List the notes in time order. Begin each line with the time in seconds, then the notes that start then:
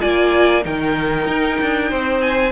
0.00 A#3 F4 D5 G#5
0.62 D#3 D#4 A#4 G5
1.27 D#4
1.61 D4
1.90 C4 C5
2.22 G#5